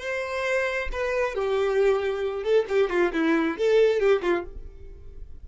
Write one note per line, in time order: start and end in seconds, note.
0.00 0.89 C5
0.92 1.35 B4
1.35 2.43 G4
2.43 2.66 A4
2.68 2.90 G4
2.90 3.12 F4
3.13 3.57 E4
3.57 4.00 A4
4.00 4.22 G4
4.22 4.44 F4